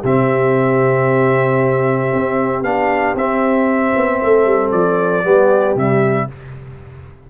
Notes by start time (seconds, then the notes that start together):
0.00 C3 C4 G4 E5
2.14 C4
2.62 B3 D4 F5
3.15 C4 E5
3.96 B3
4.23 A3 A4
4.45 G3
4.72 F3 D5
5.24 G3 B3 G4
5.75 C3 G3 E5